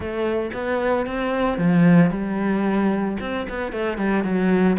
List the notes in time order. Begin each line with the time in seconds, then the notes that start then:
0.00 A3
0.53 B3
1.06 C4
1.57 F3
2.10 G3
3.20 C4
3.49 B3
3.72 A3
3.97 G3
4.23 F#3